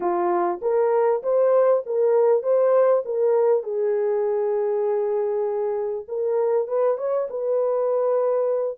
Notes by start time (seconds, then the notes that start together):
0.00 F4
0.61 A#4
1.22 C5
1.86 A#4
2.42 C5
3.05 A#4
3.63 G#4
6.08 A#4
6.67 B4
6.97 C#5
7.29 B4